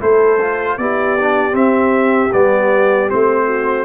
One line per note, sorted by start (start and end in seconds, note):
0.00 0.78 A3
0.00 0.38 E4
0.00 0.77 A4
0.00 0.78 C5
0.41 0.79 F4
0.78 1.54 B3
0.78 1.18 E4
0.78 3.46 G4
0.78 1.55 D5
1.20 1.52 D4
1.52 2.29 C4
1.52 2.31 C4
1.52 2.33 E5
2.33 3.11 G3
2.33 3.09 B3
2.33 3.10 D5
3.09 3.85 A3
3.09 3.85 C4
3.09 3.85 C5
3.46 3.85 F#4